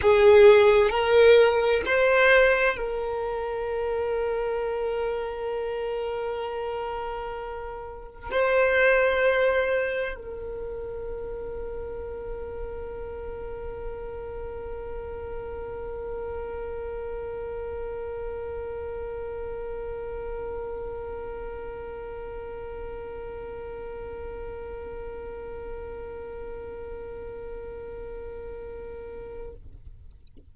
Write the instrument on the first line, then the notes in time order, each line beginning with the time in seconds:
violin
0.01 G#4
0.89 A#4
1.85 C5
2.77 A#4
8.31 C5
10.15 A#4